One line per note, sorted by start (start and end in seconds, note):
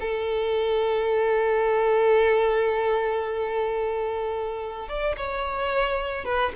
0.00 4.88 A4
4.88 5.16 D5
5.17 6.25 C#5
6.25 6.52 B4